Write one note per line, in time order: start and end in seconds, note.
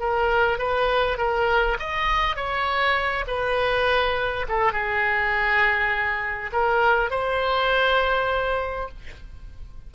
0.00 0.59 A#4
0.59 1.18 B4
1.18 1.78 A#4
1.80 2.36 D#5
2.36 3.25 C#5
3.28 4.47 B4
4.49 4.73 A4
4.73 6.51 G#4
6.53 7.11 A#4
7.11 8.89 C5